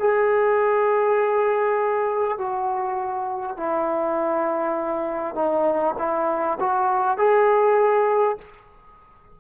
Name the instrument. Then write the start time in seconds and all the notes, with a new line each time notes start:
trombone
0.00 G#4
2.38 F#4
3.57 E4
5.35 D#4
5.99 E4
6.61 F#4
7.18 G#4